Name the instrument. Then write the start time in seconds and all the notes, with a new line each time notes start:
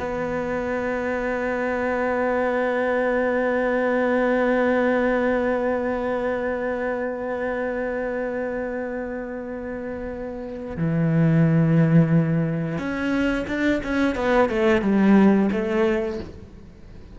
cello
0.00 B3
10.77 E3
12.78 C#4
13.48 D4
13.84 C#4
14.16 B3
14.49 A3
14.82 G3
15.52 A3